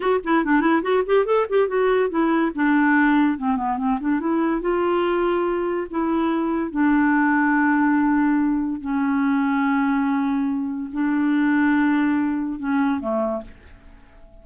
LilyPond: \new Staff \with { instrumentName = "clarinet" } { \time 4/4 \tempo 4 = 143 fis'8 e'8 d'8 e'8 fis'8 g'8 a'8 g'8 | fis'4 e'4 d'2 | c'8 b8 c'8 d'8 e'4 f'4~ | f'2 e'2 |
d'1~ | d'4 cis'2.~ | cis'2 d'2~ | d'2 cis'4 a4 | }